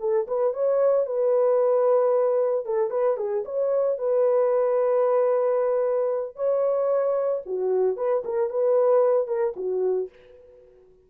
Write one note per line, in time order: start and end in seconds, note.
0.00 0.27 A4
0.27 0.53 B4
0.53 1.06 C#5
1.06 2.65 B4
2.65 2.90 A4
2.90 3.17 B4
3.17 3.44 G#4
3.45 3.98 C#5
3.98 6.36 B4
6.36 7.42 C#5
7.46 7.96 F#4
7.96 8.23 B4
8.24 8.50 A#4
8.50 9.28 B4
9.28 9.54 A#4
9.56 10.10 F#4